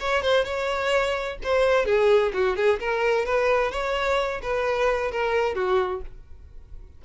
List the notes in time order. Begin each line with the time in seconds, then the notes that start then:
0.00 C#5
0.22 C5
0.45 C#5
1.44 C5
1.86 G#4
2.33 F#4
2.56 G#4
2.80 A#4
3.26 B4
3.71 C#5
4.42 B4
5.11 A#4
5.55 F#4